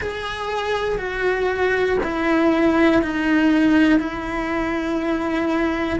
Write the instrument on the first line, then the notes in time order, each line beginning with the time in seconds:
cello
0.00 G#4
0.98 F#4
2.03 E4
3.02 D#4
3.99 E4